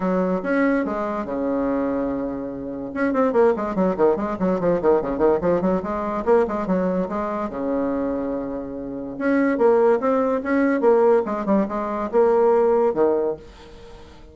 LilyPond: \new Staff \with { instrumentName = "bassoon" } { \time 4/4 \tempo 4 = 144 fis4 cis'4 gis4 cis4~ | cis2. cis'8 c'8 | ais8 gis8 fis8 dis8 gis8 fis8 f8 dis8 | cis8 dis8 f8 fis8 gis4 ais8 gis8 |
fis4 gis4 cis2~ | cis2 cis'4 ais4 | c'4 cis'4 ais4 gis8 g8 | gis4 ais2 dis4 | }